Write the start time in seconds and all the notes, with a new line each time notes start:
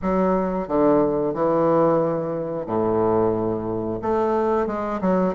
0.02 F#3
0.68 D3
1.34 E3
2.66 A2
4.02 A3
4.66 G#3
5.01 F#3